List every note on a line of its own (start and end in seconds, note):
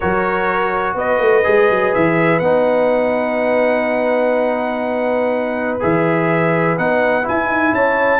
0.00 0.94 F#3
0.00 1.43 F#4
0.00 0.96 A#4
0.00 0.96 C#5
0.94 1.18 B3
0.94 7.74 B4
0.94 1.94 D#5
1.18 1.43 A3
1.43 1.70 G#3
1.43 2.40 G#4
1.70 1.94 F#3
1.94 2.39 E3
1.94 2.39 E5
2.39 5.78 B3
2.39 5.80 D#4
2.39 5.78 F#5
5.80 6.78 E3
5.80 6.76 G#4
5.80 6.78 E5
6.77 7.26 B3
6.77 7.22 D#4
6.77 7.26 F#5
7.22 8.19 E4
7.22 7.47 E4
7.22 7.74 G#5
7.47 7.72 D#4
7.72 8.20 C#4
7.72 8.20 C#5
7.72 8.20 A5